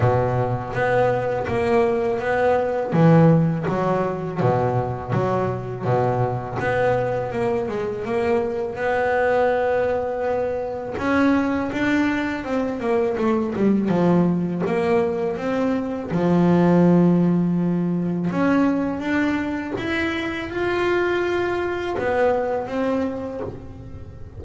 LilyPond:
\new Staff \with { instrumentName = "double bass" } { \time 4/4 \tempo 4 = 82 b,4 b4 ais4 b4 | e4 fis4 b,4 fis4 | b,4 b4 ais8 gis8 ais4 | b2. cis'4 |
d'4 c'8 ais8 a8 g8 f4 | ais4 c'4 f2~ | f4 cis'4 d'4 e'4 | f'2 b4 c'4 | }